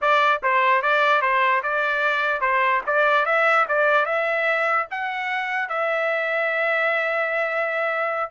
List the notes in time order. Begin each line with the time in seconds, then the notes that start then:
0.01 D5
0.43 C5
0.81 D5
1.21 C5
1.62 D5
2.40 C5
2.86 D5
3.25 E5
3.68 D5
4.05 E5
4.90 F#5
5.68 E5